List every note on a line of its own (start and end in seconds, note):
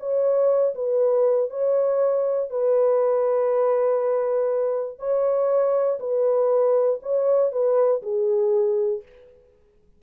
0.00 0.75 C#5
0.75 1.50 B4
1.51 2.51 C#5
2.51 4.99 B4
4.99 5.99 C#5
6.00 7.00 B4
7.03 7.52 C#5
7.52 8.03 B4
8.03 9.03 G#4